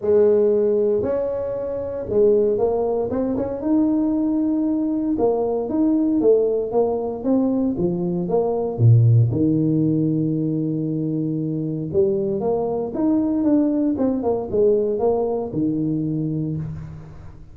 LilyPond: \new Staff \with { instrumentName = "tuba" } { \time 4/4 \tempo 4 = 116 gis2 cis'2 | gis4 ais4 c'8 cis'8 dis'4~ | dis'2 ais4 dis'4 | a4 ais4 c'4 f4 |
ais4 ais,4 dis2~ | dis2. g4 | ais4 dis'4 d'4 c'8 ais8 | gis4 ais4 dis2 | }